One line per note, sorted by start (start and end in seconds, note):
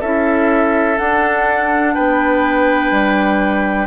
0.00 0.99 C#4
0.00 0.98 E4
0.00 1.94 A4
0.00 0.98 E5
0.98 3.87 D4
0.98 1.96 D4
0.98 1.94 F#5
1.94 2.91 B3
1.94 3.87 B4
1.94 3.87 G5
2.91 3.87 G3